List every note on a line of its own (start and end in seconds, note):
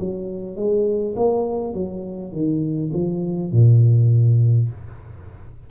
0.00 0.56 F#3
0.56 1.15 G#3
1.17 1.74 A#3
1.74 2.33 F#3
2.33 2.91 D#3
2.94 3.52 F3
3.52 4.70 A#2